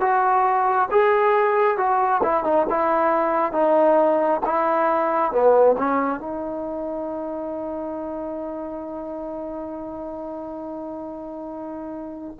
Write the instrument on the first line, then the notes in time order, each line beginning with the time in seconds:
trombone
0.00 F#4
0.91 G#4
1.77 F#4
2.23 E4
2.43 D#4
2.70 E4
3.52 D#4
4.46 E4
5.31 B3
5.78 C#4
6.20 D#4